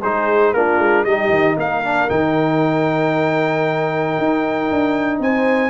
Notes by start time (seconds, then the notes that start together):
0.00 G#3 D#4 G#4 C5
0.53 A#3 D4 F4 A#4
0.78 G#3
1.04 G3 D#4 G4 D#5
1.29 D#3
1.57 A#3 A#4 F5
1.84 D4
2.09 D#3 D#4 G5
4.18 D#4
4.71 D4
5.19 C4 C5 G#5